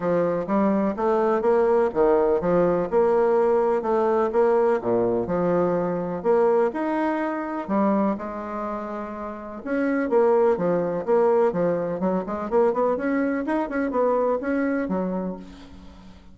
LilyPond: \new Staff \with { instrumentName = "bassoon" } { \time 4/4 \tempo 4 = 125 f4 g4 a4 ais4 | dis4 f4 ais2 | a4 ais4 ais,4 f4~ | f4 ais4 dis'2 |
g4 gis2. | cis'4 ais4 f4 ais4 | f4 fis8 gis8 ais8 b8 cis'4 | dis'8 cis'8 b4 cis'4 fis4 | }